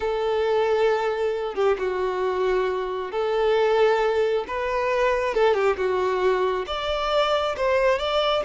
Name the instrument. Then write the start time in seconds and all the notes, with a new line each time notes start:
violin
0.00 A4
1.55 G4
1.78 F#4
3.11 A4
4.47 B4
5.34 A4
5.54 G4
5.76 F#4
6.66 D5
7.56 C5
7.98 D5